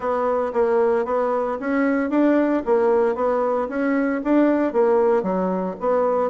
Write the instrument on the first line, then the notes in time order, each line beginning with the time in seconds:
bassoon
0.00 B3
0.53 A#3
1.05 B3
1.60 C#4
2.10 D4
2.65 A#3
3.15 B3
3.68 C#4
4.24 D4
4.72 A#3
5.22 F#3
5.79 B3